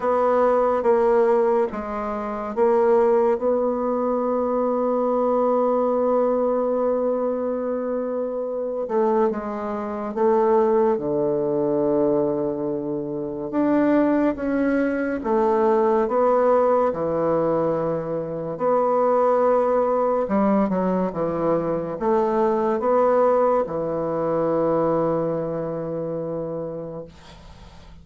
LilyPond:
\new Staff \with { instrumentName = "bassoon" } { \time 4/4 \tempo 4 = 71 b4 ais4 gis4 ais4 | b1~ | b2~ b8 a8 gis4 | a4 d2. |
d'4 cis'4 a4 b4 | e2 b2 | g8 fis8 e4 a4 b4 | e1 | }